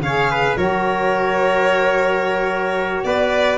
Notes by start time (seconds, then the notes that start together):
0.00 C#3 C#5 F5
0.06 G#4
0.31 B4
0.56 F#3 F#4 A#4 C#5
3.04 B3 B4 D5